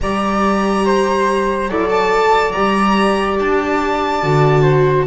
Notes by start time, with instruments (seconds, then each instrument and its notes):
0.00 double bass G3, viola G4, flute D5, violin A#5
0.85 flute C5
1.68 double bass F#3, violin E4, viola A4, flute D5
1.89 violin A5
2.52 double bass G3, viola G4, violin A#5
3.38 double bass D4, violin A5
4.23 double bass D3, viola F#4
4.62 flute C5